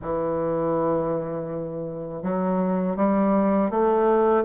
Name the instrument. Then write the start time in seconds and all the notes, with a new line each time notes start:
bassoon
0.02 E3
2.22 F#3
2.96 G3
3.70 A3